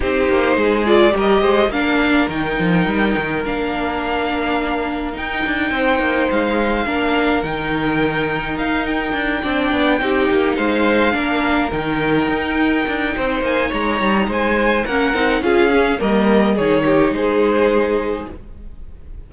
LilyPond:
<<
  \new Staff \with { instrumentName = "violin" } { \time 4/4 \tempo 4 = 105 c''4. d''8 dis''4 f''4 | g''2 f''2~ | f''4 g''2 f''4~ | f''4 g''2 f''8 g''8~ |
g''2~ g''8 f''4.~ | f''8 g''2. gis''8 | ais''4 gis''4 fis''4 f''4 | dis''4 cis''4 c''2 | }
  \new Staff \with { instrumentName = "violin" } { \time 4/4 g'4 gis'4 ais'8 c''8 ais'4~ | ais'1~ | ais'2 c''2 | ais'1~ |
ais'8 d''4 g'4 c''4 ais'8~ | ais'2. c''4 | cis''4 c''4 ais'4 gis'4 | ais'4 gis'8 g'8 gis'2 | }
  \new Staff \with { instrumentName = "viola" } { \time 4/4 dis'4. f'8 g'4 d'4 | dis'2 d'2~ | d'4 dis'2. | d'4 dis'2.~ |
dis'8 d'4 dis'2 d'8~ | d'8 dis'2.~ dis'8~ | dis'2 cis'8 dis'8 f'8 cis'8 | ais4 dis'2. | }
  \new Staff \with { instrumentName = "cello" } { \time 4/4 c'8 ais8 gis4 g8 gis8 ais4 | dis8 f8 g8 dis8 ais2~ | ais4 dis'8 d'8 c'8 ais8 gis4 | ais4 dis2 dis'4 |
d'8 c'8 b8 c'8 ais8 gis4 ais8~ | ais8 dis4 dis'4 d'8 c'8 ais8 | gis8 g8 gis4 ais8 c'8 cis'4 | g4 dis4 gis2 | }
>>